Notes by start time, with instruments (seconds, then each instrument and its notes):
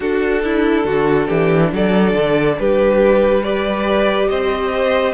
0.00 cello D4, viola D4, violin F#4 A4
0.44 violin E4
0.84 cello D3, violin F#4
1.27 cello E3, violin G4
1.72 cello F#3, violin A4 D5
2.14 cello D3
2.59 cello G3, violin G4 B4
3.42 viola G4, violin B4 D5
4.29 cello C4, violin C5 D#5